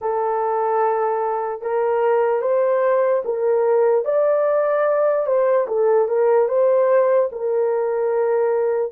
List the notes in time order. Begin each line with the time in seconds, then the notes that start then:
0.01 A4
1.61 A#4
2.41 C5
3.24 A#4
4.05 D5
5.26 C5
5.68 A4
6.08 A#4
6.48 C5
7.32 A#4